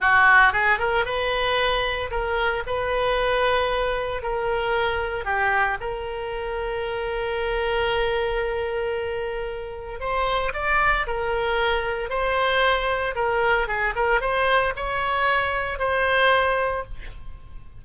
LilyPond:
\new Staff \with { instrumentName = "oboe" } { \time 4/4 \tempo 4 = 114 fis'4 gis'8 ais'8 b'2 | ais'4 b'2. | ais'2 g'4 ais'4~ | ais'1~ |
ais'2. c''4 | d''4 ais'2 c''4~ | c''4 ais'4 gis'8 ais'8 c''4 | cis''2 c''2 | }